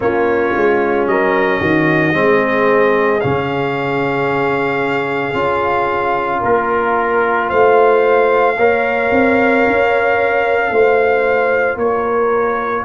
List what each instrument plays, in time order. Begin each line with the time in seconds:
0.00 tuba A#3, trombone C#4, horn F4, trumpet C#5
0.56 tuba G#3
1.06 tuba F#3, horn A#4, trumpet D#5
1.60 tuba D#3, horn F#4
2.13 tuba G#3, trombone C4, horn G#4
3.20 tuba C#3, trombone C#4, trumpet F5
5.33 tuba C#4, trombone F4
6.39 tuba A#3, horn A#4, trumpet A#4
7.49 tuba A3, horn C5, trumpet F5
8.56 tuba A#3, trombone A#4, horn C#5
9.11 tuba C4
9.66 tuba C#4
10.70 tuba A3, trombone F4, horn C5
11.76 tuba A#3, horn A#4, trumpet C#5